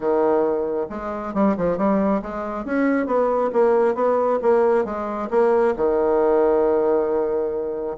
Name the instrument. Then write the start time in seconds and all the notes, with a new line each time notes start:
bassoon
0.00 D#3
0.89 G#3
1.34 G3
1.57 F3
1.77 G3
2.22 G#3
2.65 C#4
3.06 B3
3.53 A#3
3.94 B3
4.42 A#3
4.84 G#3
5.30 A#3
5.76 D#3